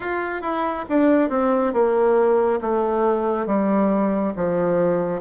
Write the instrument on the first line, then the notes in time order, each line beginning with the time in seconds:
bassoon
0.00 F4
0.42 E4
0.89 D4
1.29 C4
1.73 A#3
2.61 A3
3.46 G3
4.36 F3